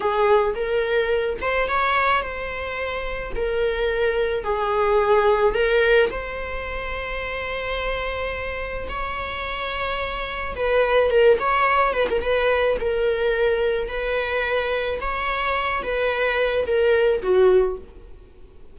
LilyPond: \new Staff \with { instrumentName = "viola" } { \time 4/4 \tempo 4 = 108 gis'4 ais'4. c''8 cis''4 | c''2 ais'2 | gis'2 ais'4 c''4~ | c''1 |
cis''2. b'4 | ais'8 cis''4 b'16 ais'16 b'4 ais'4~ | ais'4 b'2 cis''4~ | cis''8 b'4. ais'4 fis'4 | }